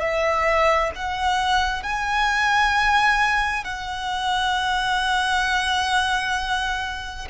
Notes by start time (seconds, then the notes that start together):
0.00 E5
0.95 F#5
1.83 G#5
3.64 F#5